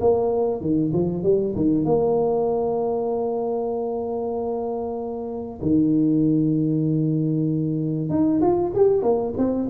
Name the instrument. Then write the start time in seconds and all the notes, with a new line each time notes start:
tuba
0.00 A#3
0.61 D#3
0.93 F3
1.23 G3
1.55 D#3
1.85 A#3
5.61 D#3
8.09 D#4
8.41 F4
8.75 G4
9.02 A#3
9.37 C4